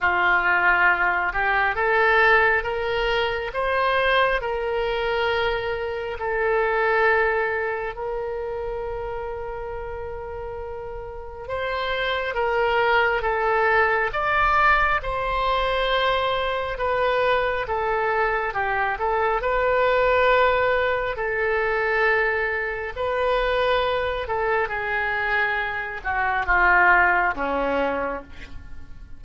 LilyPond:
\new Staff \with { instrumentName = "oboe" } { \time 4/4 \tempo 4 = 68 f'4. g'8 a'4 ais'4 | c''4 ais'2 a'4~ | a'4 ais'2.~ | ais'4 c''4 ais'4 a'4 |
d''4 c''2 b'4 | a'4 g'8 a'8 b'2 | a'2 b'4. a'8 | gis'4. fis'8 f'4 cis'4 | }